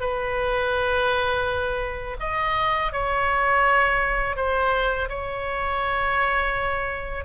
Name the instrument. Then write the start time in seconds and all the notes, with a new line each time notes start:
oboe
0.00 B4
2.19 D#5
2.92 C#5
4.36 C5
5.09 C#5